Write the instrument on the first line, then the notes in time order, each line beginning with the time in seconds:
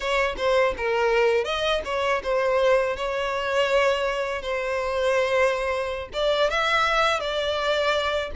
violin
0.00 C#5
0.37 C5
0.77 A#4
1.44 D#5
1.85 C#5
2.23 C5
2.96 C#5
4.42 C5
6.13 D5
6.50 E5
7.20 D5